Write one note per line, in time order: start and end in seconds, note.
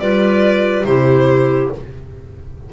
0.00 0.85 G3
0.00 0.86 F4
0.00 0.87 B4
0.00 0.85 D5
0.85 1.70 C3
0.85 1.72 E4
0.85 1.73 G4
0.85 1.70 C5